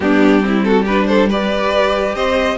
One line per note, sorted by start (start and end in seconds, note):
0.00 2.14 G3
0.00 0.40 B3
0.00 0.45 D4
0.00 0.63 G4
0.40 0.84 C4
0.47 0.67 E4
0.63 0.82 F#4
0.63 0.85 A4
0.82 1.30 D4
0.82 1.04 G4
0.82 1.07 B4
1.07 1.29 A4
1.07 1.28 C5
1.29 2.57 G4
1.29 2.14 B4
1.29 2.15 D5
2.14 2.57 C4
2.14 2.57 C5
2.14 2.57 D#5